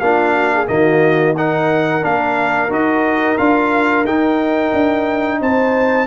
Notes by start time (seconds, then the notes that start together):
0.00 A#3 D4 F4 F5
0.35 F#4
0.54 G#4
0.67 D#3 A#3 F#4 D#5
1.36 D#4 A#4 F#5
2.01 A#3 D4 F5
2.69 D#4 F#4 D#5
3.37 D4 F4 F5
4.04 D#4 G5
4.73 D4
5.41 C4 C5 A5